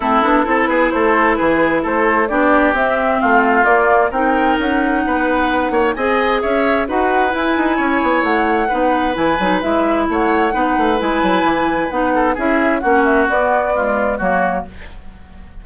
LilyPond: <<
  \new Staff \with { instrumentName = "flute" } { \time 4/4 \tempo 4 = 131 a'4. b'8 c''4 b'4 | c''4 d''4 e''4 f''4 | d''4 g''4 fis''2~ | fis''4 gis''4 e''4 fis''4 |
gis''2 fis''2 | gis''4 e''4 fis''2 | gis''2 fis''4 e''4 | fis''8 e''8 d''2 cis''4 | }
  \new Staff \with { instrumentName = "oboe" } { \time 4/4 e'4 a'8 gis'8 a'4 gis'4 | a'4 g'2 f'4~ | f'4 ais'2 b'4~ | b'8 cis''8 dis''4 cis''4 b'4~ |
b'4 cis''2 b'4~ | b'2 cis''4 b'4~ | b'2~ b'8 a'8 gis'4 | fis'2 f'4 fis'4 | }
  \new Staff \with { instrumentName = "clarinet" } { \time 4/4 c'8 d'8 e'2.~ | e'4 d'4 c'2 | ais4 dis'2.~ | dis'4 gis'2 fis'4 |
e'2. dis'4 | e'8 dis'8 e'2 dis'4 | e'2 dis'4 e'4 | cis'4 b4 gis4 ais4 | }
  \new Staff \with { instrumentName = "bassoon" } { \time 4/4 a8 b8 c'8 b8 a4 e4 | a4 b4 c'4 a4 | ais4 c'4 cis'4 b4~ | b8 ais8 c'4 cis'4 dis'4 |
e'8 dis'8 cis'8 b8 a4 b4 | e8 fis8 gis4 a4 b8 a8 | gis8 fis8 e4 b4 cis'4 | ais4 b2 fis4 | }
>>